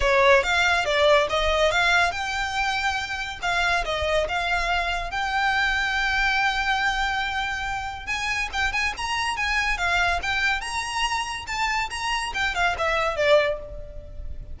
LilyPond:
\new Staff \with { instrumentName = "violin" } { \time 4/4 \tempo 4 = 141 cis''4 f''4 d''4 dis''4 | f''4 g''2. | f''4 dis''4 f''2 | g''1~ |
g''2. gis''4 | g''8 gis''8 ais''4 gis''4 f''4 | g''4 ais''2 a''4 | ais''4 g''8 f''8 e''4 d''4 | }